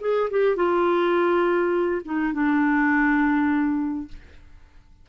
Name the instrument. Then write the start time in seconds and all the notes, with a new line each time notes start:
clarinet
0.00 G#4
0.30 G4
0.55 F4
2.04 D#4
2.33 D4